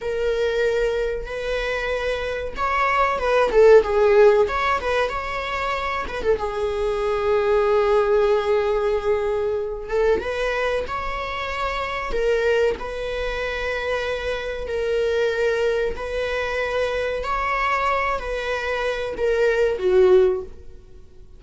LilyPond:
\new Staff \with { instrumentName = "viola" } { \time 4/4 \tempo 4 = 94 ais'2 b'2 | cis''4 b'8 a'8 gis'4 cis''8 b'8 | cis''4. b'16 a'16 gis'2~ | gis'2.~ gis'8 a'8 |
b'4 cis''2 ais'4 | b'2. ais'4~ | ais'4 b'2 cis''4~ | cis''8 b'4. ais'4 fis'4 | }